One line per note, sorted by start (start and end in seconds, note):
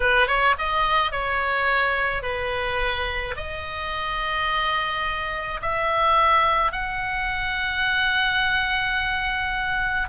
0.00 0.27 B4
0.27 0.55 C#5
0.58 1.11 D#5
1.11 2.22 C#5
2.22 3.34 B4
3.36 5.60 D#5
5.61 6.72 E5
6.72 10.08 F#5